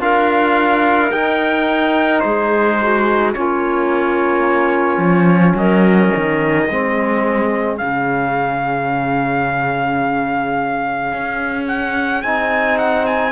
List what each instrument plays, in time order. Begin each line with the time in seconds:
0.00 cello D4, trombone F4, clarinet A#4, trumpet F5
1.11 cello D#4, trombone D#4, trumpet G5
2.20 cello G#3, clarinet G#4, trumpet C5
2.82 clarinet F#4
3.34 cello A#3, trombone C#4, clarinet F4, trumpet C#5
4.98 cello F3
5.55 cello F#3, clarinet A#4, trumpet D#5
6.16 cello D#3
6.69 cello G#3, trombone C4, clarinet G#4
7.78 cello C#3, trombone C#4, trumpet F5
11.13 cello C#4
11.68 trumpet F#5
12.22 cello C4, trombone D#4, trumpet G#5
12.78 trumpet F#5
13.06 trumpet G#5